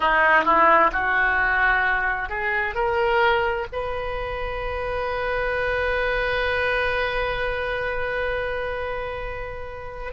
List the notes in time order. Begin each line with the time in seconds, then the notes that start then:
0.00 D#4
0.44 E4
0.92 F#4
2.29 G#4
2.74 A#4
3.72 B4